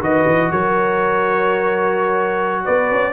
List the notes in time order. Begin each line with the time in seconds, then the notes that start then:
0.00 D#3 F#4 B4 D#5
0.26 E3
0.51 F#3 A#4 C#5
2.64 B3 B4 D5
2.90 C#4